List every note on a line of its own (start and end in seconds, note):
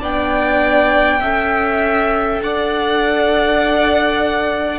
0.00 1.22 B3
0.00 1.21 D4
0.00 1.20 D5
0.00 2.43 G5
1.21 2.41 C#4
1.21 4.79 A4
1.21 2.41 E5
2.41 4.79 D4
2.41 4.79 D5
2.41 4.79 F#5